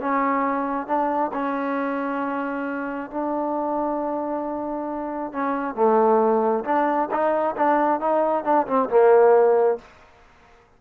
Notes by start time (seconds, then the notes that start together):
0.00 C#4
0.87 D4
1.33 C#4
3.11 D4
5.32 C#4
5.75 A3
6.64 D4
7.11 D#4
7.56 D4
8.00 D#4
8.44 D4
8.67 C4
8.89 A#3